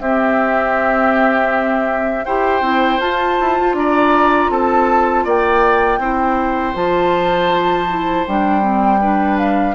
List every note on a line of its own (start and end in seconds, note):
0.00 2.25 C4
0.00 2.27 C4
0.00 2.25 G4
0.00 2.25 E5
2.25 2.61 E4
2.25 2.62 G4
2.25 3.75 C5
2.25 3.00 G5
2.61 2.98 C4
2.61 2.99 E4
2.99 3.36 F4
2.99 6.00 F4
2.99 3.75 A5
3.40 3.59 E4
3.59 3.73 F4
3.73 4.48 D4
3.73 4.51 D5
3.73 4.51 A#5
4.50 5.25 C4
4.50 5.24 A4
4.50 5.26 A5
5.24 5.98 A#3
5.24 5.99 D5
5.24 6.76 G5
5.98 6.73 C4
5.98 6.74 E4
5.98 9.00 C5
6.74 8.25 F3
6.74 7.87 F4
6.74 8.26 A5
7.89 8.26 E4
8.27 9.75 G3
8.27 8.61 D4
8.27 9.38 G5
8.61 8.99 C4
9.00 9.75 D4
9.00 9.75 B4
9.38 9.75 F5